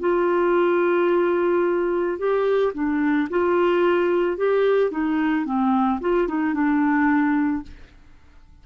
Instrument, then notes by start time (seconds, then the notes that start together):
clarinet
0.00 F4
2.18 G4
2.73 D4
3.30 F4
4.37 G4
4.91 D#4
5.45 C4
6.00 F4
6.28 D#4
6.54 D4